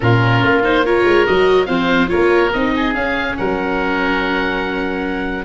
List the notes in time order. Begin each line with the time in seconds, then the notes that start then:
0.00 A#2 C#4 F4 A#4
0.43 A#3
0.63 D#4 C5
0.85 F4 A#4 C#5
1.04 G#3
1.26 F#3 F#4 D#5
1.65 F3 C4 C5 F5
2.07 A#3 F4 A#4 C#5
2.52 C4 D#4 D#5
2.75 G#4
2.94 C#4 F5
3.36 F#3 A#4 F#5